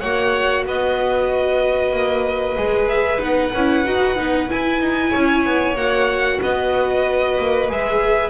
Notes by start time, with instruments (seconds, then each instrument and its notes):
0.00 double bass A#3, viola F#4, violin C#5 F#5
0.66 double bass B3, violin B4 D#5
1.93 double bass A#3
2.57 double bass G#3, viola G#4
2.88 violin E5
3.19 double bass B3, viola D#4, violin F#5
3.54 double bass C#4, viola E4
3.85 double bass D#4, viola F#4
4.16 double bass B3, viola D#4
4.48 viola E4, double bass E4, violin G#5
4.81 double bass D#4
5.10 double bass C#4, violin C#5
5.46 double bass B3
5.75 double bass A#3, viola F#4, violin F#5
6.42 double bass B3, violin B4 D#5
7.38 double bass A#3
7.68 double bass G#3, viola G#4, violin E5